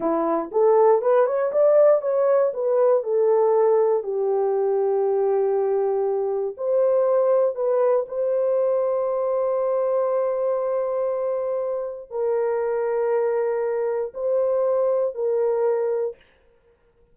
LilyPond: \new Staff \with { instrumentName = "horn" } { \time 4/4 \tempo 4 = 119 e'4 a'4 b'8 cis''8 d''4 | cis''4 b'4 a'2 | g'1~ | g'4 c''2 b'4 |
c''1~ | c''1 | ais'1 | c''2 ais'2 | }